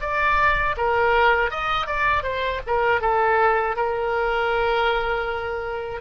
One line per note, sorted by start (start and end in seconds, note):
0.00 0.75 D5
0.76 1.50 A#4
1.50 1.86 D#5
1.86 2.23 D5
2.23 2.60 C5
2.66 3.01 A#4
3.01 3.76 A4
3.76 6.01 A#4